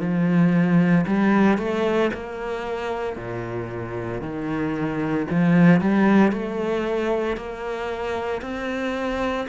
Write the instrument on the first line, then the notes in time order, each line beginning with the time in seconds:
cello
0.00 F3
1.07 G3
1.58 A3
2.13 A#3
3.16 A#2
4.21 D#3
5.30 F3
5.81 G3
6.32 A3
7.37 A#3
8.42 C4